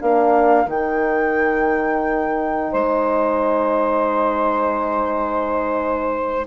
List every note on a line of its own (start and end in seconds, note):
0.00 0.66 A#3
0.00 0.68 D4
0.00 2.72 A#4
0.00 0.69 F5
0.66 2.71 D#3
0.66 6.47 D#4
0.66 2.74 G5
2.72 6.47 G#3
2.72 6.47 C5
2.72 6.47 G#5